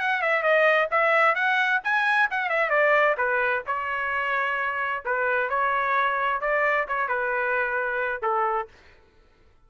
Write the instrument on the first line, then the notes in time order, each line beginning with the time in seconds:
trumpet
0.00 F#5
0.22 E5
0.43 D#5
0.91 E5
1.35 F#5
1.84 G#5
2.30 F#5
2.50 E5
2.70 D5
3.17 B4
3.67 C#5
5.05 B4
5.50 C#5
6.41 D5
6.88 C#5
7.08 B4
8.22 A4